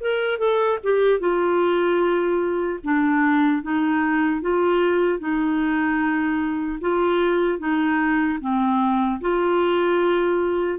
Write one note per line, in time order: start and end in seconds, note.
0.00 0.38 A#4
0.38 0.78 A4
0.83 1.19 G4
1.19 2.79 F4
2.83 3.62 D4
3.62 4.41 D#4
4.41 5.19 F4
5.19 6.79 D#4
6.80 7.59 F4
7.59 8.39 D#4
8.40 9.20 C4
9.20 10.79 F4